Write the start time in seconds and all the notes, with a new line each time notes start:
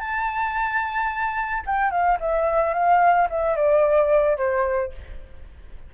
0.00 A5
1.67 G5
1.91 F5
2.20 E5
2.74 F5
3.30 E5
3.56 D5
4.38 C5